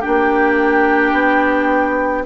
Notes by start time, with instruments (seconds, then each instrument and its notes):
0.00 clarinet D4, oboe G4, flute G5
0.07 bassoon A#3
1.13 bassoon B3